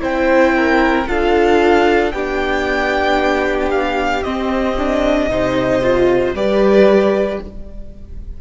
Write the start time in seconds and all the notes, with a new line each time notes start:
0.00 C4 E4 C5 G5
0.56 A#4
1.06 D4 F4 A4 F5
2.11 B3 D4 G4 G5
3.71 F5
4.23 C4 D#5
4.78 D4
5.29 C3 D#4 C5
5.82 F4
6.34 G3 G4 B4 D5